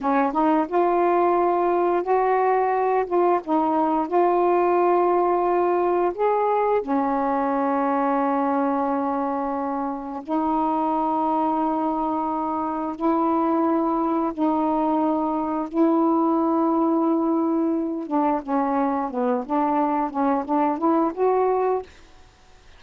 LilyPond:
\new Staff \with { instrumentName = "saxophone" } { \time 4/4 \tempo 4 = 88 cis'8 dis'8 f'2 fis'4~ | fis'8 f'8 dis'4 f'2~ | f'4 gis'4 cis'2~ | cis'2. dis'4~ |
dis'2. e'4~ | e'4 dis'2 e'4~ | e'2~ e'8 d'8 cis'4 | b8 d'4 cis'8 d'8 e'8 fis'4 | }